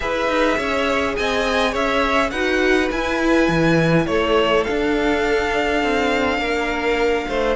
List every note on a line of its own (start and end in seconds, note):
0.00 0.28 E4
0.00 2.31 G#4
0.00 0.57 B4
0.00 1.16 E5
0.28 0.57 D#4
0.57 1.16 C#4
0.57 1.15 C#5
1.16 1.74 C4
1.16 1.71 D#5
1.16 1.74 G#5
1.71 2.31 C#4
1.71 2.30 C#5
1.71 2.30 E5
2.30 2.90 D#4
2.30 2.91 F#4
2.30 4.06 B4
2.30 2.88 F#5
2.91 3.48 E4
2.91 4.67 E4
2.91 4.06 G#5
3.48 4.06 E3
4.06 4.65 A3
4.06 6.40 A4
4.06 4.64 C#5
4.64 7.56 D4
4.64 7.55 F5
4.70 5.83 D4
5.83 6.38 C4
6.38 7.25 A#3
6.38 7.27 A#4
7.28 7.56 A3
7.28 7.56 C5